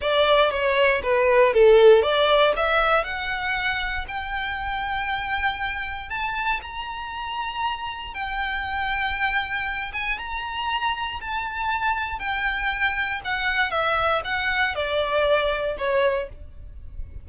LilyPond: \new Staff \with { instrumentName = "violin" } { \time 4/4 \tempo 4 = 118 d''4 cis''4 b'4 a'4 | d''4 e''4 fis''2 | g''1 | a''4 ais''2. |
g''2.~ g''8 gis''8 | ais''2 a''2 | g''2 fis''4 e''4 | fis''4 d''2 cis''4 | }